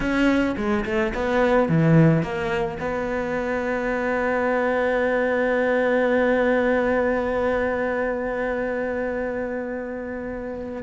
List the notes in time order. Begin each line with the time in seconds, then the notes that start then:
0.00 C#4
0.57 G#3
0.85 A3
1.14 B3
1.68 E3
2.22 A#3
2.80 B3